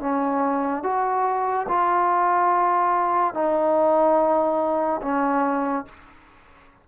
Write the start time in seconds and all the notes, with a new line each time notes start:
0.00 C#4
0.83 F#4
1.68 F4
3.34 D#4
5.02 C#4